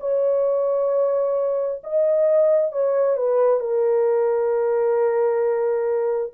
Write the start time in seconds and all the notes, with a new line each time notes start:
0.00 C#5
1.83 D#5
2.72 C#5
3.17 B4
3.60 A#4